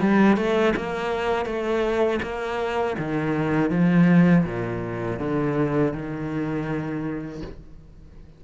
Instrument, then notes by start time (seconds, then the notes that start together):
cello
0.00 G3
0.36 A3
0.76 A#3
1.45 A3
2.22 A#3
2.98 D#3
3.70 F3
4.45 A#2
5.19 D3
5.93 D#3